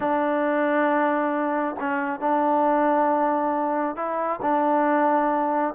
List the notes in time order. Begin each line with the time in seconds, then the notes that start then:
0.00 D4
1.79 C#4
2.20 D4
3.95 E4
4.42 D4